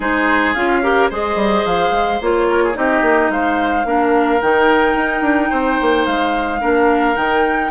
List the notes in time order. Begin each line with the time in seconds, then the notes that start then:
0.00 G#3 D#4 G#4 C5
0.54 C#4 F4 F5
0.82 G4 A#4
1.10 G#3 G#4 C5 D#5
1.35 G3
1.65 F3 F5
1.91 G#3
2.21 A#3 F4 C#5
2.49 A#4
2.63 G#4
2.73 C4 D#4 G4 D#5
3.01 A#3
3.29 G#3 C5 F5
3.84 A#3 D4 A#4
4.41 D#3 D#4 G5
4.94 D#4
5.21 D4
5.50 C4 C5
5.81 A#3
6.06 G#3 F5
6.60 A#3 D4 A#4
7.15 D#3 D#4 G5